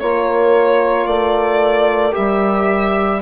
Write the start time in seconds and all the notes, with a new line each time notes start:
0.00 A#3 F4 A#4 C#5
1.07 A3 D5
2.12 G3 G4 E5